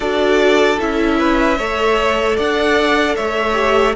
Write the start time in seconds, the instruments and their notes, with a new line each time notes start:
0.00 cello D4, viola F#4, violin A4 D5
0.79 cello C#4, viola E4, violin E5
1.18 violin B4
1.57 cello A3, viola A4, violin C#5
2.36 cello D4, violin D5 F#5
3.16 cello A3, violin C#5 E5
3.53 viola G4